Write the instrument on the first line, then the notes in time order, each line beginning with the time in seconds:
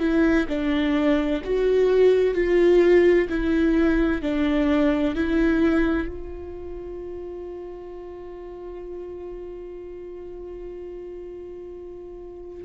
viola
0.00 E4
0.49 D4
1.45 F#4
2.35 F4
3.30 E4
4.22 D4
5.16 E4
6.09 F4